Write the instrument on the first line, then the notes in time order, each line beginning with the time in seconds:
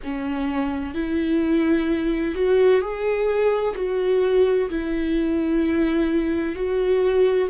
viola
0.03 C#4
0.94 E4
2.34 F#4
2.81 G#4
3.75 F#4
4.69 E4
6.55 F#4